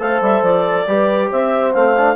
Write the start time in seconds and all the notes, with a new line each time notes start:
0.00 A3 A4 C5 F5
0.21 G3 E5
0.42 F3 D5
0.87 G3 G4 B4
1.31 C4 C5 E5
1.74 A3 C4 F5
1.98 D4